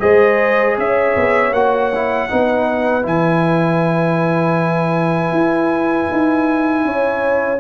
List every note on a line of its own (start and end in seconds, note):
0.00 0.78 G#3
0.00 1.52 G#4
0.00 0.78 C5
0.00 0.76 D#5
0.78 1.16 C#4
0.78 2.31 C#5
0.78 1.53 E5
1.16 1.52 B3
1.52 2.28 A#3
1.52 1.93 F#4
1.52 3.05 F#5
1.95 2.29 E4
2.29 3.05 B3
2.29 3.03 D#4
2.29 6.86 B4
3.03 5.32 E3
3.03 7.59 E4
3.03 7.61 G#5
5.32 6.08 E4
6.12 6.85 D#4
6.85 7.61 C#4
6.85 7.61 C#5